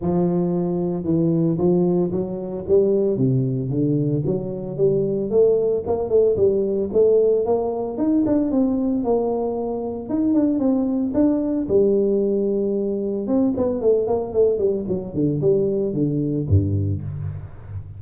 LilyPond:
\new Staff \with { instrumentName = "tuba" } { \time 4/4 \tempo 4 = 113 f2 e4 f4 | fis4 g4 c4 d4 | fis4 g4 a4 ais8 a8 | g4 a4 ais4 dis'8 d'8 |
c'4 ais2 dis'8 d'8 | c'4 d'4 g2~ | g4 c'8 b8 a8 ais8 a8 g8 | fis8 d8 g4 d4 g,4 | }